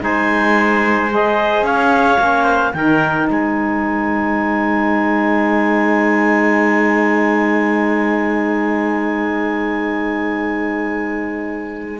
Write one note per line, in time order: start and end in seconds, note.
0.00 1.62 G#3
0.00 1.09 D#4
0.00 1.65 C5
0.00 1.12 G#5
1.10 2.18 G#4
1.10 1.65 D#5
1.62 2.17 C#4
1.62 2.43 C#5
1.62 2.73 F5
2.18 2.73 A#3
2.18 2.72 C#4
2.43 2.71 C5
2.73 3.28 D#3
2.73 11.99 D#4
2.73 3.30 A#4
2.73 3.27 G5
3.29 11.99 G#3
3.29 11.99 C5
3.29 11.99 G#5